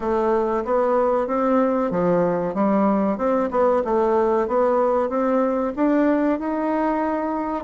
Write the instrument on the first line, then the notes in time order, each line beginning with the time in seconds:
bassoon
0.00 A3
0.64 B3
1.27 C4
1.90 F3
2.54 G3
3.17 C4
3.50 B3
3.84 A3
4.47 B3
5.09 C4
5.76 D4
6.39 D#4